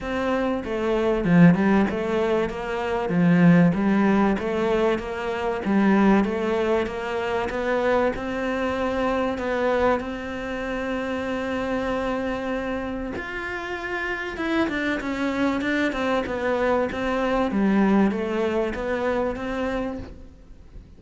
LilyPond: \new Staff \with { instrumentName = "cello" } { \time 4/4 \tempo 4 = 96 c'4 a4 f8 g8 a4 | ais4 f4 g4 a4 | ais4 g4 a4 ais4 | b4 c'2 b4 |
c'1~ | c'4 f'2 e'8 d'8 | cis'4 d'8 c'8 b4 c'4 | g4 a4 b4 c'4 | }